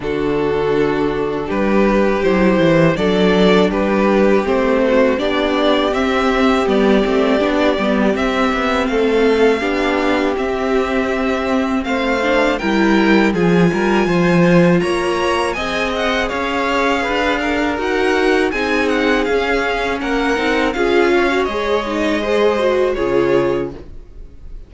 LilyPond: <<
  \new Staff \with { instrumentName = "violin" } { \time 4/4 \tempo 4 = 81 a'2 b'4 c''4 | d''4 b'4 c''4 d''4 | e''4 d''2 e''4 | f''2 e''2 |
f''4 g''4 gis''2 | ais''4 gis''8 fis''8 f''2 | fis''4 gis''8 fis''8 f''4 fis''4 | f''4 dis''2 cis''4 | }
  \new Staff \with { instrumentName = "violin" } { \time 4/4 fis'2 g'2 | a'4 g'4. fis'8 g'4~ | g'1 | a'4 g'2. |
c''4 ais'4 gis'8 ais'8 c''4 | cis''4 dis''4 cis''4 b'8 ais'8~ | ais'4 gis'2 ais'4 | gis'8 cis''4. c''4 gis'4 | }
  \new Staff \with { instrumentName = "viola" } { \time 4/4 d'2. e'4 | d'2 c'4 d'4 | c'4 b8 c'8 d'8 b8 c'4~ | c'4 d'4 c'2~ |
c'8 d'8 e'4 f'2~ | f'4 gis'2. | fis'4 dis'4 cis'4. dis'8 | f'8. fis'16 gis'8 dis'8 gis'8 fis'8 f'4 | }
  \new Staff \with { instrumentName = "cello" } { \time 4/4 d2 g4 fis8 e8 | fis4 g4 a4 b4 | c'4 g8 a8 b8 g8 c'8 b8 | a4 b4 c'2 |
a4 g4 f8 g8 f4 | ais4 c'4 cis'4 d'4 | dis'4 c'4 cis'4 ais8 c'8 | cis'4 gis2 cis4 | }
>>